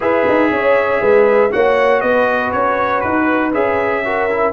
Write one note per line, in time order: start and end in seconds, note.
0.00 0.26 E4
0.00 1.50 G#4
0.00 0.51 B4
0.00 1.52 E5
0.28 0.50 D#4
0.50 1.01 C#4
0.50 1.01 C#5
1.01 1.52 G#3
1.01 1.51 B4
1.51 2.02 A#3
1.51 3.53 F#4
1.51 2.01 C#5
1.51 2.00 F#5
2.00 2.52 B3
2.00 4.03 B4
2.00 2.51 D#5
2.51 3.03 C#4
2.51 3.00 C#5
3.00 3.53 D#4
3.00 3.51 B4
3.53 4.52 C#4
3.53 4.04 G#4
3.53 4.52 E5
4.04 4.29 F#4
4.04 4.52 A#4
4.30 4.52 E4